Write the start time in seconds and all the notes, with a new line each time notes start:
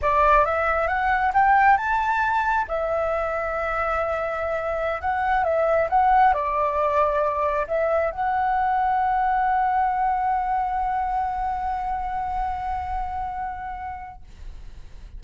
0.01 D5
0.45 E5
0.87 F#5
1.33 G5
1.77 A5
2.67 E5
5.01 F#5
5.44 E5
5.89 F#5
6.33 D5
7.67 E5
8.11 F#5